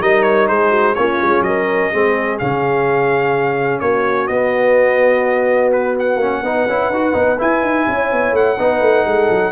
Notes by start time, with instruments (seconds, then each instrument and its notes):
0.00 tuba G3, trombone D#4, horn A#4, trumpet D#5
0.23 trumpet C#5
0.48 tuba G#3, horn G#4, trumpet C5
0.70 horn F#4
0.94 tuba A#3, trombone C#4, horn F4, trumpet C#5
1.22 tuba G#3
1.40 tuba F#3, horn A#4, trumpet D#5
1.91 tuba G#3, trombone C4, horn G#4
2.38 tuba C#3, trombone C#4, trumpet F5
3.80 tuba A#3, horn F#4, trumpet C#5
4.27 tuba B3, trombone B3, trumpet D#5
5.72 trumpet B4
5.99 trumpet F#5
6.15 tuba A#3, trombone C#4
6.42 tuba B3, trombone D#4, horn B4
6.66 tuba C#4, trombone E4
6.89 tuba D#4, trombone F#4
7.13 tuba B3, trombone D#4
7.38 trombone E4, tuba E4, trumpet G#5
7.62 tuba D#4
7.88 tuba C#4, horn C#5
8.12 tuba B3
8.32 tuba A3, trumpet F#5
8.57 tuba B3, trombone D#4, horn B4
8.80 tuba A3
9.04 tuba G#3, horn A4
9.29 tuba F#3